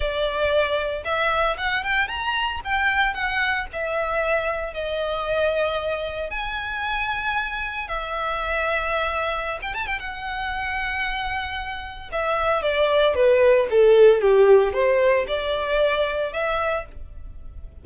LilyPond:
\new Staff \with { instrumentName = "violin" } { \time 4/4 \tempo 4 = 114 d''2 e''4 fis''8 g''8 | ais''4 g''4 fis''4 e''4~ | e''4 dis''2. | gis''2. e''4~ |
e''2~ e''16 g''16 a''16 g''16 fis''4~ | fis''2. e''4 | d''4 b'4 a'4 g'4 | c''4 d''2 e''4 | }